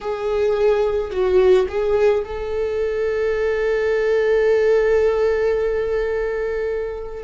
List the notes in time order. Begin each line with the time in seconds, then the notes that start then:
0.00 G#4
1.11 F#4
1.68 G#4
2.24 A4